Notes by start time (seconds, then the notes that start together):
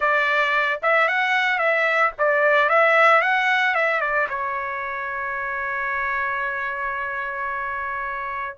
0.00 D5
0.82 E5
1.08 F#5
1.58 E5
2.18 D5
2.69 E5
3.21 F#5
3.74 E5
4.00 D5
4.29 C#5